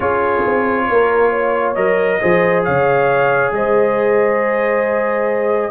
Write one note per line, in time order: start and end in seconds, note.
0.00 0.42 C#4
0.00 1.76 F4
0.00 0.85 G#4
0.00 1.72 C#5
0.46 0.88 C4
0.88 1.76 A#3
0.88 1.30 A#4
1.30 2.18 C#5
1.74 2.20 F#3
1.74 2.20 A#4
1.74 2.62 D#5
2.20 2.67 F3
2.20 5.71 G#4
2.20 2.64 C5
2.64 3.51 C#3
2.64 3.53 C#5
2.64 3.52 F5
3.51 5.71 G#3
3.51 5.71 C5
3.51 5.71 D#5